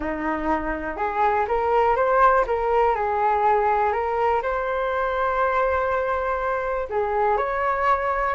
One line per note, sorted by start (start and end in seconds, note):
0.00 0.96 D#4
0.96 1.46 G#4
1.48 1.96 A#4
1.96 2.45 C5
2.46 2.95 A#4
2.95 3.92 G#4
3.92 4.42 A#4
4.42 6.88 C5
6.89 7.37 G#4
7.37 8.34 C#5